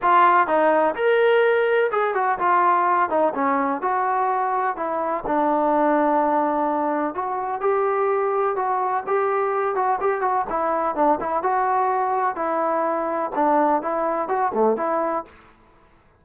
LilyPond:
\new Staff \with { instrumentName = "trombone" } { \time 4/4 \tempo 4 = 126 f'4 dis'4 ais'2 | gis'8 fis'8 f'4. dis'8 cis'4 | fis'2 e'4 d'4~ | d'2. fis'4 |
g'2 fis'4 g'4~ | g'8 fis'8 g'8 fis'8 e'4 d'8 e'8 | fis'2 e'2 | d'4 e'4 fis'8 a8 e'4 | }